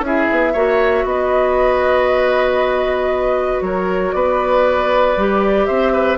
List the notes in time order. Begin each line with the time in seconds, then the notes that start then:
0.00 C#4 E4
0.06 G#4 E5
0.31 B3
0.53 A#3 F#4 C#5
1.04 B3 B4 D#5
3.61 F#3 A#4 C#5
4.12 B3 B4 D5
5.17 G3 G4
5.66 C4 C5 E5
5.92 B4